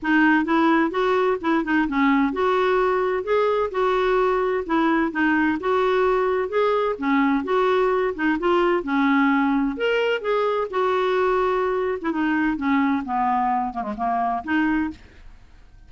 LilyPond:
\new Staff \with { instrumentName = "clarinet" } { \time 4/4 \tempo 4 = 129 dis'4 e'4 fis'4 e'8 dis'8 | cis'4 fis'2 gis'4 | fis'2 e'4 dis'4 | fis'2 gis'4 cis'4 |
fis'4. dis'8 f'4 cis'4~ | cis'4 ais'4 gis'4 fis'4~ | fis'4.~ fis'16 e'16 dis'4 cis'4 | b4. ais16 gis16 ais4 dis'4 | }